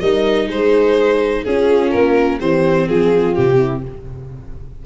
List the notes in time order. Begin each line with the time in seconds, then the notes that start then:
0.00 G3 D#4 A#4 D#5
0.47 G#3 G#4 C5
1.43 C#4 F4 G#4
1.91 A#3 A#4
2.40 E3 C4 G4 C5
2.88 F3 F4 G#4
3.35 C3 G4
3.58 E4